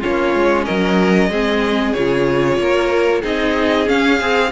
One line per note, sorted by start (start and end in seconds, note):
0.00 0.34 A#3
0.00 1.31 C#4
0.00 0.64 F4
0.00 0.65 C#5
0.34 0.67 G#3
0.64 1.28 F#3
0.64 1.29 A#4
0.64 1.93 D#5
1.28 1.93 G#3
1.28 1.95 C4
1.28 2.59 G#4
1.93 2.58 C#3
1.93 3.22 F4
1.93 3.22 C#5
2.58 3.23 A#3
2.58 3.21 A#4
3.21 3.88 C4
3.21 3.86 D#4
3.21 4.50 G#4
3.21 3.88 D#5
3.86 4.18 C#4
3.86 4.20 C#4
3.86 4.51 F5
4.20 4.51 C4
4.20 4.51 G#4